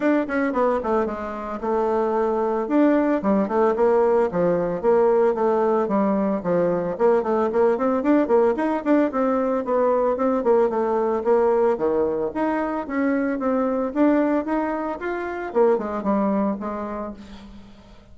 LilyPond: \new Staff \with { instrumentName = "bassoon" } { \time 4/4 \tempo 4 = 112 d'8 cis'8 b8 a8 gis4 a4~ | a4 d'4 g8 a8 ais4 | f4 ais4 a4 g4 | f4 ais8 a8 ais8 c'8 d'8 ais8 |
dis'8 d'8 c'4 b4 c'8 ais8 | a4 ais4 dis4 dis'4 | cis'4 c'4 d'4 dis'4 | f'4 ais8 gis8 g4 gis4 | }